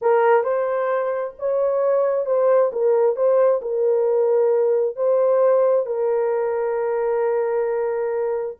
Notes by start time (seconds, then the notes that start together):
0.01 A#4
0.43 C5
1.38 C#5
2.26 C5
2.72 A#4
3.15 C5
3.61 A#4
4.96 C5
5.86 A#4